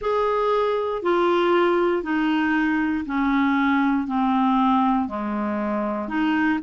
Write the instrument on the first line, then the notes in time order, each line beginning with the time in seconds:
clarinet
0.01 G#4
1.02 F4
2.02 D#4
3.06 C#4
4.07 C4
5.08 G#3
6.08 D#4